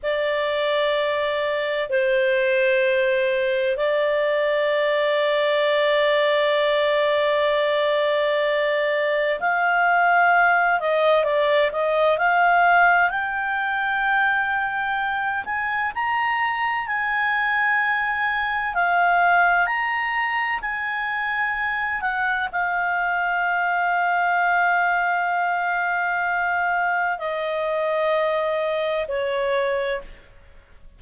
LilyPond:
\new Staff \with { instrumentName = "clarinet" } { \time 4/4 \tempo 4 = 64 d''2 c''2 | d''1~ | d''2 f''4. dis''8 | d''8 dis''8 f''4 g''2~ |
g''8 gis''8 ais''4 gis''2 | f''4 ais''4 gis''4. fis''8 | f''1~ | f''4 dis''2 cis''4 | }